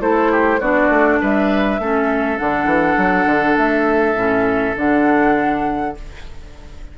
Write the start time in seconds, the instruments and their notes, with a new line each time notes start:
0.00 bassoon A3, clarinet E4, oboe A4, flute C5
0.32 oboe G4
0.60 bassoon B3, clarinet D4, oboe F#4, flute D5
0.90 bassoon A3
1.21 bassoon G3, oboe B4, flute E5
1.79 bassoon A3, clarinet C#4, oboe A4
2.38 bassoon D3, clarinet D4, flute F#5
2.66 bassoon E3
2.98 bassoon F#3
3.26 bassoon D3
3.58 bassoon A3, flute E5
4.15 bassoon A2, clarinet C#4
4.77 bassoon D3, clarinet D4, flute F#5